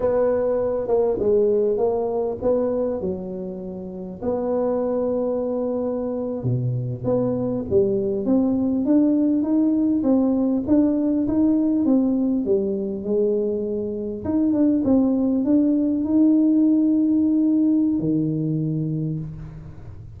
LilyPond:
\new Staff \with { instrumentName = "tuba" } { \time 4/4 \tempo 4 = 100 b4. ais8 gis4 ais4 | b4 fis2 b4~ | b2~ b8. b,4 b16~ | b8. g4 c'4 d'4 dis'16~ |
dis'8. c'4 d'4 dis'4 c'16~ | c'8. g4 gis2 dis'16~ | dis'16 d'8 c'4 d'4 dis'4~ dis'16~ | dis'2 dis2 | }